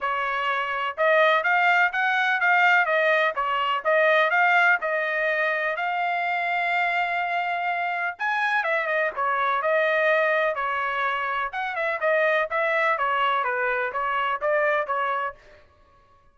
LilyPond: \new Staff \with { instrumentName = "trumpet" } { \time 4/4 \tempo 4 = 125 cis''2 dis''4 f''4 | fis''4 f''4 dis''4 cis''4 | dis''4 f''4 dis''2 | f''1~ |
f''4 gis''4 e''8 dis''8 cis''4 | dis''2 cis''2 | fis''8 e''8 dis''4 e''4 cis''4 | b'4 cis''4 d''4 cis''4 | }